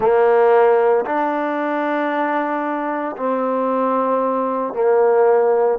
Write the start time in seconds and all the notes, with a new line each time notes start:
0.00 A#3
1.05 D4
3.16 C4
4.73 A#3